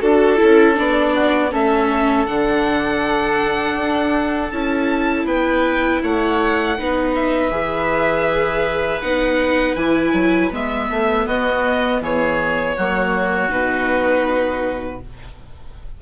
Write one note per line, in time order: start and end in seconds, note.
0.00 0.40 D4
0.00 0.37 F#4
0.00 0.76 A4
0.00 1.15 A4
0.37 0.74 E4
0.44 0.78 C#4
0.74 1.53 B3
0.74 1.49 D4
0.74 1.54 D5
1.15 1.52 F#4
1.52 2.27 A3
1.52 2.27 C#4
1.52 5.27 A4
1.52 2.26 E5
2.26 3.76 D3
2.26 4.52 D4
2.26 4.51 F#5
3.76 4.51 D4
4.51 5.25 C#4
4.51 6.78 E4
4.51 5.26 A5
5.25 6.00 B3
5.25 6.02 B4
5.25 6.02 G5
6.03 6.79 A3
6.03 6.78 C#5
6.03 7.16 F#5
6.78 7.51 B3
6.78 7.51 D#4
6.78 11.26 B4
7.16 9.01 E5
7.51 9.01 E3
7.51 9.01 G#4
9.01 9.76 B3
9.01 9.77 D#4
9.01 9.76 F#5
9.76 10.13 E3
9.76 10.52 E4
9.76 10.51 G#5
10.13 10.51 F#3
10.52 10.90 G#3
10.52 12.77 B3
10.52 11.28 E5
10.90 11.27 A3
11.26 12.01 B3
11.26 12.01 F#4
11.26 12.03 D#5
12.01 12.76 E3
12.01 12.77 G#4
12.01 13.52 C#5
12.77 13.51 F#3
12.77 13.49 A#3
12.77 15.02 F#4
13.49 15.01 B2
13.49 14.99 D#4
13.49 15.02 B4